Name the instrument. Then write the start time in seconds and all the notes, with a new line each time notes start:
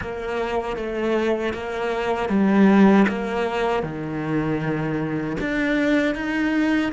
cello
0.01 A#3
0.76 A3
1.53 A#3
2.29 G3
3.08 A#3
3.83 D#3
5.40 D4
6.15 D#4